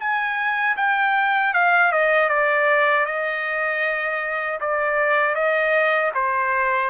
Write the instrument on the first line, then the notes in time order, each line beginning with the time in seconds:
trumpet
0.00 G#5
0.77 G5
1.54 F5
1.92 D#5
2.30 D5
3.06 D#5
4.60 D5
5.35 D#5
6.15 C5